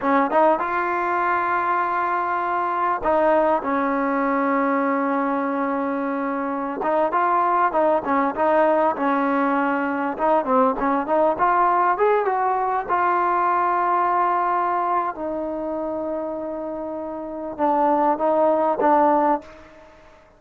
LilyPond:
\new Staff \with { instrumentName = "trombone" } { \time 4/4 \tempo 4 = 99 cis'8 dis'8 f'2.~ | f'4 dis'4 cis'2~ | cis'2.~ cis'16 dis'8 f'16~ | f'8. dis'8 cis'8 dis'4 cis'4~ cis'16~ |
cis'8. dis'8 c'8 cis'8 dis'8 f'4 gis'16~ | gis'16 fis'4 f'2~ f'8.~ | f'4 dis'2.~ | dis'4 d'4 dis'4 d'4 | }